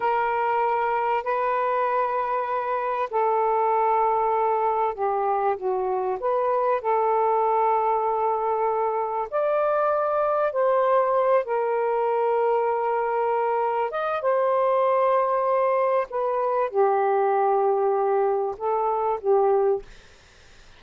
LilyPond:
\new Staff \with { instrumentName = "saxophone" } { \time 4/4 \tempo 4 = 97 ais'2 b'2~ | b'4 a'2. | g'4 fis'4 b'4 a'4~ | a'2. d''4~ |
d''4 c''4. ais'4.~ | ais'2~ ais'8 dis''8 c''4~ | c''2 b'4 g'4~ | g'2 a'4 g'4 | }